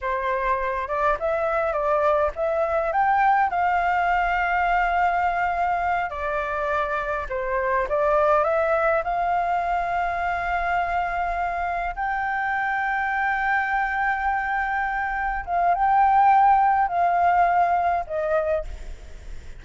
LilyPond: \new Staff \with { instrumentName = "flute" } { \time 4/4 \tempo 4 = 103 c''4. d''8 e''4 d''4 | e''4 g''4 f''2~ | f''2~ f''8 d''4.~ | d''8 c''4 d''4 e''4 f''8~ |
f''1~ | f''8 g''2.~ g''8~ | g''2~ g''8 f''8 g''4~ | g''4 f''2 dis''4 | }